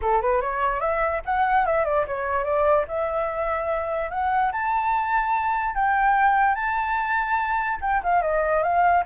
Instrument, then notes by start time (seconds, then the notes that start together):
flute
0.01 A4
0.21 B4
0.41 C#5
0.80 E5
1.25 F#5
1.66 E5
1.85 D5
2.07 C#5
2.44 D5
2.88 E5
4.10 F#5
4.52 A5
5.74 G5
6.55 A5
7.81 G5
8.03 F5
8.22 D#5
8.62 F5